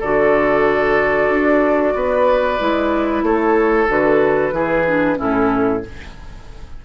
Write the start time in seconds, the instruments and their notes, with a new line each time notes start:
0.00 bassoon D3, clarinet F#4, oboe A4, flute D5
1.29 bassoon D4
1.94 bassoon B3, oboe B4
2.60 bassoon G#3, clarinet E4
3.23 bassoon A3, oboe A4, flute C#5
3.88 bassoon D3, clarinet F#4, flute B4
4.52 bassoon E3, clarinet E4, oboe G#4
4.87 clarinet D4
5.16 bassoon A2, clarinet C#4, oboe E4, flute A4